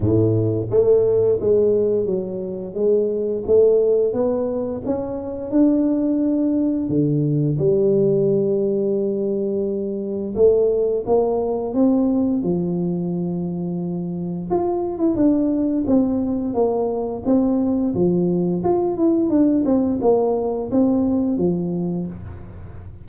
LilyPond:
\new Staff \with { instrumentName = "tuba" } { \time 4/4 \tempo 4 = 87 a,4 a4 gis4 fis4 | gis4 a4 b4 cis'4 | d'2 d4 g4~ | g2. a4 |
ais4 c'4 f2~ | f4 f'8. e'16 d'4 c'4 | ais4 c'4 f4 f'8 e'8 | d'8 c'8 ais4 c'4 f4 | }